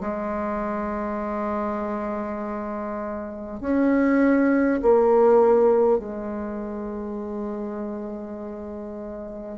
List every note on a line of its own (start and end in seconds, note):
0.00 3.60 G#3
3.60 4.80 C#4
4.82 5.98 A#3
5.98 9.58 G#3